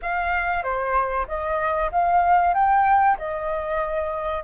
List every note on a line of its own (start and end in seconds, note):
0.01 0.63 F5
0.63 1.26 C5
1.27 1.91 D#5
1.91 2.54 F5
2.54 3.17 G5
3.18 4.43 D#5